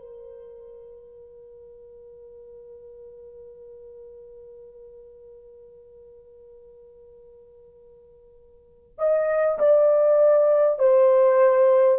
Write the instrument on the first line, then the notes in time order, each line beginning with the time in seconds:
horn
0.00 A#4
8.99 D#5
9.59 D5
10.79 C5